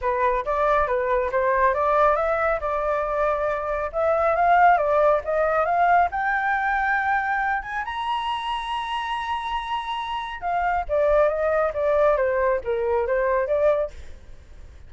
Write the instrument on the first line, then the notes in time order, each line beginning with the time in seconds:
flute
0.01 B4
0.45 D5
0.87 B4
1.31 C5
1.74 D5
2.16 E5
2.60 D5
3.92 E5
4.35 F5
4.77 D5
5.24 D#5
5.65 F5
6.11 G5
7.62 G#5
7.84 A#5
10.41 F5
10.88 D5
11.28 D#5
11.73 D5
12.16 C5
12.64 A#4
13.06 C5
13.47 D5